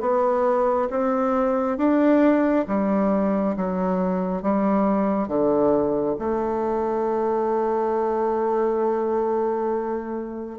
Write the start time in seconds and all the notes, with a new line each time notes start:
0.00 B3
0.89 C4
1.77 D4
2.67 G3
3.56 F#3
4.42 G3
5.27 D3
6.18 A3